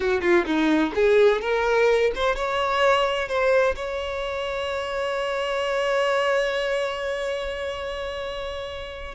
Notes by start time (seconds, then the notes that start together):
0.00 F#4
0.21 F4
0.45 D#4
0.94 G#4
1.41 A#4
2.15 C5
2.35 C#5
3.28 C5
3.75 C#5